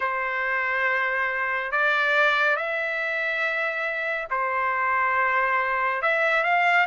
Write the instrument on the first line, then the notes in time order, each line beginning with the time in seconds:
trumpet
0.00 C5
1.71 D5
2.56 E5
4.30 C5
6.02 E5
6.43 F5